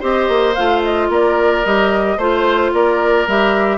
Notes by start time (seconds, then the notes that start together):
0.00 C4 G4 C5 D#5
0.29 A#3
0.55 A3 F4 F5
0.84 D#5
1.09 A#3 A#4 D5
1.65 G3 G4 D#5
2.17 A3 F4 C5
2.73 A#3 A#4 D5
3.27 G3 G4 E5